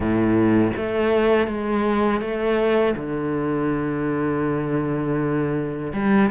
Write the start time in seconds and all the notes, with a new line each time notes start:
0.00 A2
0.76 A3
1.47 G#3
2.21 A3
2.96 D3
5.93 G3